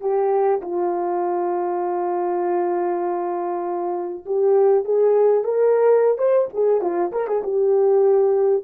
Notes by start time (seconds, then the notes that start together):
0.00 G4
0.61 F4
4.25 G4
4.85 G#4
5.44 A#4
6.18 C5
6.53 G#4
6.81 F4
7.12 A#4
7.27 G#4
7.43 G4